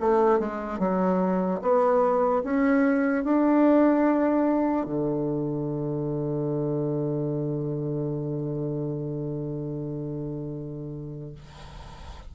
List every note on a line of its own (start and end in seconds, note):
0.00 0.39 A3
0.39 0.79 G#3
0.79 1.60 F#3
1.62 2.43 B3
2.44 3.24 C#4
3.24 4.86 D4
4.86 11.35 D3